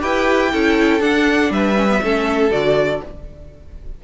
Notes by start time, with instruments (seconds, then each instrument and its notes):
0.00 cello E4, viola G4, violin B4 G5
0.52 cello C#4, viola E4, violin A4
1.00 viola D4, cello D4, violin F#5
1.51 cello G3, violin B4 E5
1.76 viola C#4
1.89 viola B3
2.03 cello A3, viola C#4, violin A4
2.51 cello D3, viola F#4, violin D5